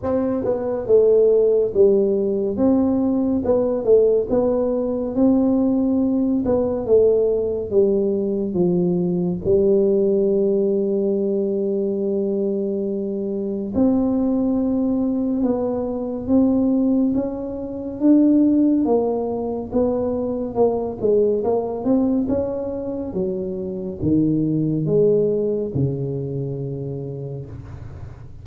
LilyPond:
\new Staff \with { instrumentName = "tuba" } { \time 4/4 \tempo 4 = 70 c'8 b8 a4 g4 c'4 | b8 a8 b4 c'4. b8 | a4 g4 f4 g4~ | g1 |
c'2 b4 c'4 | cis'4 d'4 ais4 b4 | ais8 gis8 ais8 c'8 cis'4 fis4 | dis4 gis4 cis2 | }